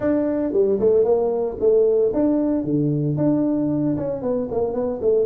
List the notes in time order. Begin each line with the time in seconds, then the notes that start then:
0.00 D4
0.53 G3
0.79 A3
1.04 A#3
1.60 A3
2.13 D4
2.64 D3
3.17 D4
3.97 C#4
4.22 B3
4.51 A#3
4.73 B3
5.01 A3